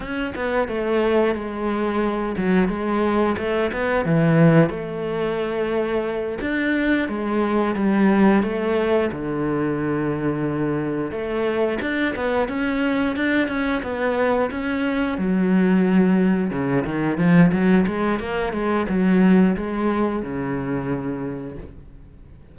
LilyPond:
\new Staff \with { instrumentName = "cello" } { \time 4/4 \tempo 4 = 89 cis'8 b8 a4 gis4. fis8 | gis4 a8 b8 e4 a4~ | a4. d'4 gis4 g8~ | g8 a4 d2~ d8~ |
d8 a4 d'8 b8 cis'4 d'8 | cis'8 b4 cis'4 fis4.~ | fis8 cis8 dis8 f8 fis8 gis8 ais8 gis8 | fis4 gis4 cis2 | }